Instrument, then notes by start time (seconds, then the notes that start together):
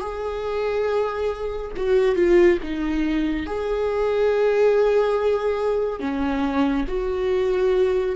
viola
0.00 G#4
1.76 F#4
2.15 F4
2.63 D#4
3.46 G#4
6.00 C#4
6.88 F#4